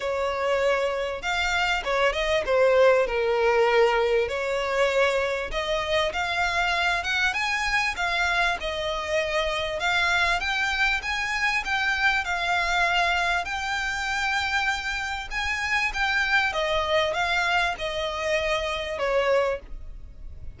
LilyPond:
\new Staff \with { instrumentName = "violin" } { \time 4/4 \tempo 4 = 98 cis''2 f''4 cis''8 dis''8 | c''4 ais'2 cis''4~ | cis''4 dis''4 f''4. fis''8 | gis''4 f''4 dis''2 |
f''4 g''4 gis''4 g''4 | f''2 g''2~ | g''4 gis''4 g''4 dis''4 | f''4 dis''2 cis''4 | }